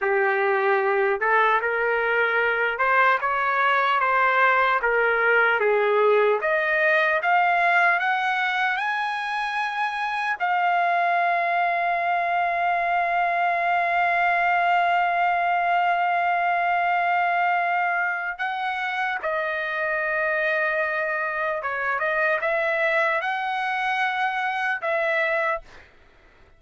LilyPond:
\new Staff \with { instrumentName = "trumpet" } { \time 4/4 \tempo 4 = 75 g'4. a'8 ais'4. c''8 | cis''4 c''4 ais'4 gis'4 | dis''4 f''4 fis''4 gis''4~ | gis''4 f''2.~ |
f''1~ | f''2. fis''4 | dis''2. cis''8 dis''8 | e''4 fis''2 e''4 | }